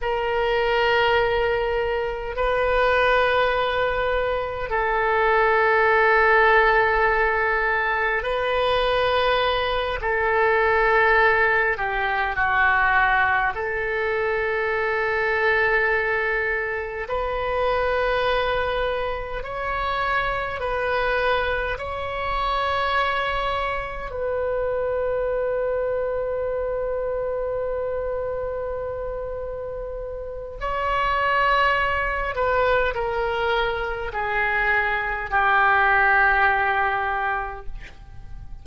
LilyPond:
\new Staff \with { instrumentName = "oboe" } { \time 4/4 \tempo 4 = 51 ais'2 b'2 | a'2. b'4~ | b'8 a'4. g'8 fis'4 a'8~ | a'2~ a'8 b'4.~ |
b'8 cis''4 b'4 cis''4.~ | cis''8 b'2.~ b'8~ | b'2 cis''4. b'8 | ais'4 gis'4 g'2 | }